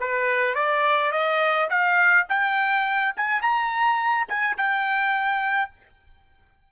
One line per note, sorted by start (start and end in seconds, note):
0.00 0.55 B4
0.55 1.12 D5
1.12 1.69 D#5
1.70 2.27 F5
2.30 3.15 G5
3.17 3.42 G#5
3.42 4.28 A#5
4.29 4.57 G#5
4.58 5.72 G5